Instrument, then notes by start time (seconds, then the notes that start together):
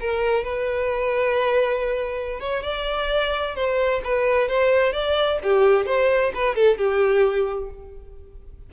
violin
0.00 A#4
0.44 B4
2.40 C#5
2.63 D5
3.55 C5
4.04 B4
4.48 C5
4.93 D5
5.43 G4
5.86 C5
6.35 B4
6.55 A4
6.78 G4